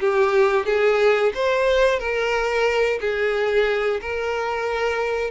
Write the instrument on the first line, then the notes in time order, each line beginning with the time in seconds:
violin
0.00 G4
0.65 G#4
1.34 C5
1.99 A#4
3.00 G#4
4.01 A#4